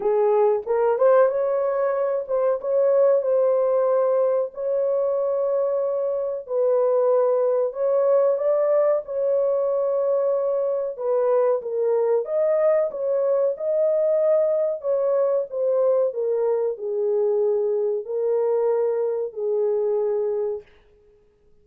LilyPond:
\new Staff \with { instrumentName = "horn" } { \time 4/4 \tempo 4 = 93 gis'4 ais'8 c''8 cis''4. c''8 | cis''4 c''2 cis''4~ | cis''2 b'2 | cis''4 d''4 cis''2~ |
cis''4 b'4 ais'4 dis''4 | cis''4 dis''2 cis''4 | c''4 ais'4 gis'2 | ais'2 gis'2 | }